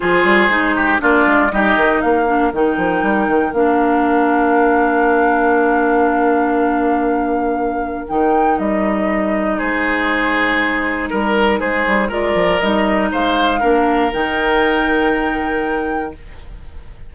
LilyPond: <<
  \new Staff \with { instrumentName = "flute" } { \time 4/4 \tempo 4 = 119 c''2 d''4 dis''4 | f''4 g''2 f''4~ | f''1~ | f''1 |
g''4 dis''2 c''4~ | c''2 ais'4 c''4 | d''4 dis''4 f''2 | g''1 | }
  \new Staff \with { instrumentName = "oboe" } { \time 4/4 gis'4. g'8 f'4 g'4 | ais'1~ | ais'1~ | ais'1~ |
ais'2. gis'4~ | gis'2 ais'4 gis'4 | ais'2 c''4 ais'4~ | ais'1 | }
  \new Staff \with { instrumentName = "clarinet" } { \time 4/4 f'4 dis'4 d'4 dis'4~ | dis'8 d'8 dis'2 d'4~ | d'1~ | d'1 |
dis'1~ | dis'1 | f'4 dis'2 d'4 | dis'1 | }
  \new Staff \with { instrumentName = "bassoon" } { \time 4/4 f8 g8 gis4 ais8 gis8 g8 dis8 | ais4 dis8 f8 g8 dis8 ais4~ | ais1~ | ais1 |
dis4 g2 gis4~ | gis2 g4 gis8 g8 | gis8 f8 g4 gis4 ais4 | dis1 | }
>>